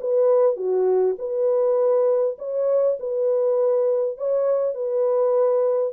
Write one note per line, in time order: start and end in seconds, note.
0.00 0.56 B4
0.56 1.16 F#4
1.18 2.37 B4
2.38 2.98 C#5
2.99 4.17 B4
4.17 4.74 C#5
4.74 5.93 B4